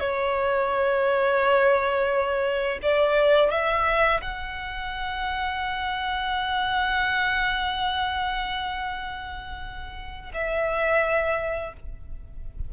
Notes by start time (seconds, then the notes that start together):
0.00 C#5
2.83 D5
3.51 E5
4.22 F#5
10.34 E5